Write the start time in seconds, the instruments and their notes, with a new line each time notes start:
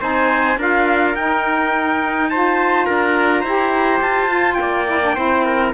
0.00 cello C4, saxophone D#4, trumpet C5 G#5
0.58 cello D4, saxophone F4, trumpet A#4 F5
1.15 cello D#4, saxophone D#4, trumpet G5
2.30 saxophone F4, trumpet C5 A5
2.86 cello D4, trumpet A#4 A#5
3.41 cello E4, saxophone G4, trumpet C5
4.02 cello F4, trumpet A5
4.28 saxophone F4
4.54 trumpet G5
4.61 cello A#3, trumpet D5
4.86 saxophone E4
5.02 saxophone D4
5.16 cello C4, saxophone E4, trumpet C5
5.45 trumpet A#4